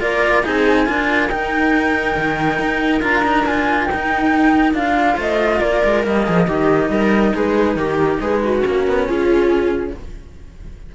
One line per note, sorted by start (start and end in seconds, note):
0.00 0.43 A#3
0.00 0.43 F4
0.00 0.43 A#4
0.00 0.44 D5
0.43 0.88 C4
0.43 0.86 D#4
0.43 0.86 G#4
0.43 1.29 G#5
0.86 1.30 D4
0.86 1.29 F4
0.86 5.14 A#4
1.29 2.16 D#4
1.29 3.01 D#4
1.29 3.01 G5
2.17 2.59 D#3
2.59 3.02 D#4
3.01 3.88 D4
3.01 3.23 F4
3.01 3.46 A#5
3.23 3.45 D#4
3.46 3.89 F4
3.46 3.86 G#5
3.86 4.75 D#4
3.86 4.72 G5
3.94 4.73 D#4
4.73 5.16 D4
4.73 6.03 F4
4.73 5.18 F5
5.14 5.60 A3
5.14 5.57 C5
5.20 5.60 D#5
5.59 5.83 A#3
5.59 6.24 A#4
5.59 6.03 D5
5.84 6.06 G#3
6.03 6.27 G3
6.03 6.47 A#3
6.03 7.36 D#5
6.25 6.48 F3
6.25 6.47 G#4
6.47 6.89 D#3
6.47 8.60 D#4
6.47 6.90 G4
6.89 7.33 G3
6.89 7.34 A#4
7.34 7.76 G#3
7.34 7.77 G#4
7.34 7.76 B4
7.76 8.19 D#3
7.76 8.21 G4
7.76 8.20 A#4
8.20 8.63 G#3
8.20 8.43 G#4
8.20 8.65 B4
8.43 9.07 F#4
8.60 8.87 A#3
8.60 9.90 C#4
8.67 9.08 A#4
8.87 9.09 B3
9.07 9.95 C#4
9.07 9.94 F4
9.07 9.94 G#4